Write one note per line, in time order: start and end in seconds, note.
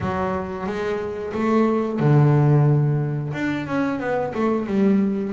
0.00 0.66 F#3
0.66 1.32 G#3
1.33 1.99 A3
1.99 3.32 D3
3.33 3.66 D4
3.66 3.99 C#4
3.99 4.33 B3
4.34 4.66 A3
4.66 5.32 G3